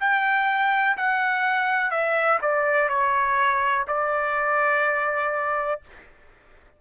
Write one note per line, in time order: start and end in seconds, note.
0.00 0.97 G5
0.97 1.91 F#5
1.91 2.39 E5
2.41 2.89 D5
2.89 3.85 C#5
3.88 5.81 D5